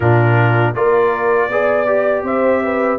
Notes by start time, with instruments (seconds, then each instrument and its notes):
0.00 tuba A#2, trombone D4, horn F4, trumpet A#4
0.74 tuba A#3, trombone F4, horn A#4, trumpet D5
1.48 tuba B3, trombone G#4, horn D5
1.86 trombone G4
2.23 tuba C4, horn C5, trumpet E5
2.63 horn B4